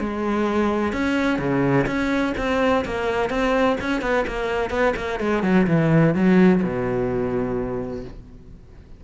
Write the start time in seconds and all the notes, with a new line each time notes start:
0.00 G#3
0.93 C#4
1.39 C#3
1.87 C#4
2.38 C4
2.85 A#3
3.30 C4
3.81 C#4
4.02 B3
4.27 A#3
4.70 B3
4.96 A#3
5.20 G#3
5.43 F#3
5.67 E3
6.15 F#3
6.63 B2